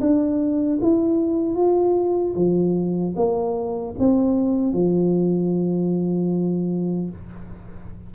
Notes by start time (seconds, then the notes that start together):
0.00 D4
0.81 E4
1.55 F4
2.35 F3
3.16 A#3
3.99 C4
4.73 F3